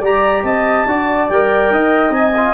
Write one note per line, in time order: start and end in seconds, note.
0.00 0.43 G3
0.00 0.87 G4
0.00 0.42 D5
0.00 0.45 A#5
0.43 0.85 C4
0.43 0.87 D#5
0.43 1.29 A5
0.86 1.28 D4
0.86 1.29 F#4
0.86 1.72 D5
1.29 1.70 G3
1.29 2.10 A#4
1.29 2.13 G5
1.70 2.10 D#4
1.70 2.54 D#5
2.10 2.52 C4
2.10 2.31 D#4
2.10 2.54 G#5
2.37 2.54 F4